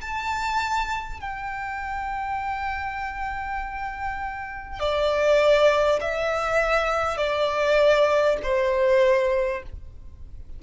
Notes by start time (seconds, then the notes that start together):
0.00 A5
1.20 G5
4.79 D5
6.00 E5
7.17 D5
8.42 C5